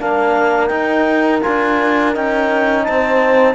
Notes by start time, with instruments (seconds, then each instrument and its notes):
0.00 cello A#3, trombone D4, horn A#4, clarinet F5
0.67 trombone D#4, cello D#4, clarinet G5
1.43 cello D4, trombone F4, clarinet G#5
2.14 cello C#4, trombone D#4, clarinet G5
2.84 cello C4, horn C5, clarinet A5